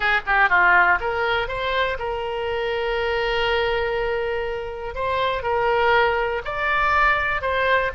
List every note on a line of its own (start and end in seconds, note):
0.00 0.20 G#4
0.26 0.49 G4
0.49 0.98 F4
1.00 1.47 A#4
1.47 1.97 C5
1.98 4.95 A#4
4.95 5.42 C5
5.42 6.41 A#4
6.45 7.41 D5
7.41 7.91 C5